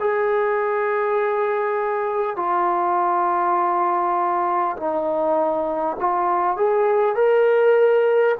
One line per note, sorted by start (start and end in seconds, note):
0.00 2.37 G#4
2.37 4.77 F4
4.77 5.97 D#4
6.00 6.57 F4
6.57 7.16 G#4
7.16 8.36 A#4